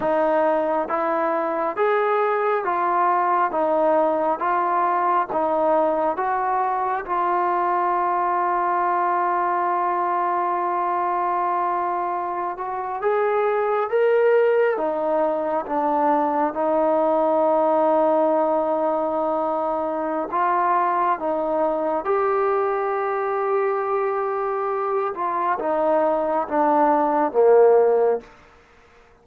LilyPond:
\new Staff \with { instrumentName = "trombone" } { \time 4/4 \tempo 4 = 68 dis'4 e'4 gis'4 f'4 | dis'4 f'4 dis'4 fis'4 | f'1~ | f'2~ f'16 fis'8 gis'4 ais'16~ |
ais'8. dis'4 d'4 dis'4~ dis'16~ | dis'2. f'4 | dis'4 g'2.~ | g'8 f'8 dis'4 d'4 ais4 | }